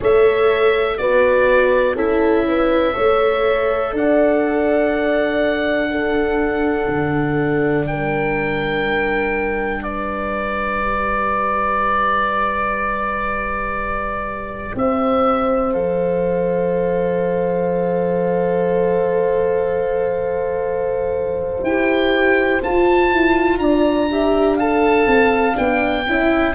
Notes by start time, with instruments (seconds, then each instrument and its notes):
0.00 tuba A3, viola A4, horn C#5, oboe E5
0.97 tuba B3, viola F#4, horn B4, oboe D5
1.95 tuba C#4, viola E4, horn A4, oboe E5
2.48 horn B4
2.93 tuba A3, viola A4, horn C#5
3.92 tuba D4, horn D5, oboe F#5
5.90 viola D4, horn A4
6.87 tuba D3
7.84 tuba G3, horn A#4, oboe G5
9.82 horn B4, oboe D5
10.82 viola G4
14.75 tuba C4, horn C5, oboe E5
15.72 tuba F3, viola A4, oboe F5
21.62 tuba E4, viola G4, oboe G5
22.61 viola F4, tuba F4, oboe A5
23.11 tuba E4
23.58 tuba D4, horn D5, oboe A#5
24.10 viola G4, horn E5
24.56 viola A4, horn F5, oboe A5
25.06 tuba C4
25.54 tuba B3, viola D4, oboe G5
26.07 tuba C#4, viola E4, horn E5